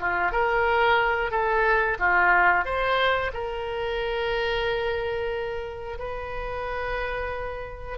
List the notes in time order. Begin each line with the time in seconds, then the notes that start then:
0.00 F4
0.32 A#4
1.31 A4
1.99 F4
2.65 C5
3.33 A#4
5.98 B4